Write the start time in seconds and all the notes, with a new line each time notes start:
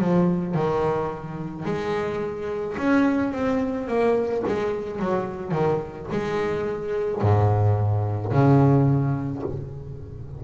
0.00 F3
0.55 D#3
1.66 G#3
2.78 C#4
3.33 C4
3.88 A#3
4.47 G#3
5.00 F#3
5.52 D#3
6.12 G#3
7.22 G#2
8.32 C#3